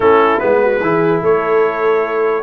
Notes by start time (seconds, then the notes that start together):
0.00 A3 C#4 E4 A4
0.39 G#3 B3 B4
0.61 F#4
0.80 E3 E4 G#4
1.22 A3 A4 C#5